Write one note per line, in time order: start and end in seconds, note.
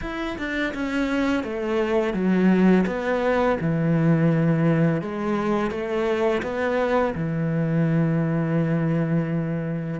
0.01 0.37 E4
0.38 0.73 D4
0.74 1.43 C#4
1.43 2.13 A3
2.13 2.85 F#3
2.86 3.57 B3
3.60 5.01 E3
5.01 5.70 G#3
5.70 6.42 A3
6.42 7.14 B3
7.14 10.00 E3